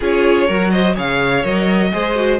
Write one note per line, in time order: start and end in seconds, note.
0.00 0.49 C#4
0.00 0.48 F4
0.00 0.47 G#4
0.00 0.70 C#5
0.47 0.97 F#3
0.47 0.95 F#4
0.47 0.71 A#4
0.70 0.95 C5
0.70 0.94 D#5
0.95 1.44 C#3
0.95 1.43 G#4
0.95 1.91 C#5
0.95 1.44 F5
1.43 1.92 F#3
1.43 1.91 A#4
1.43 2.40 D#5
1.92 2.40 G#3
1.92 2.15 G#4
1.92 2.40 C5
2.15 2.39 F#4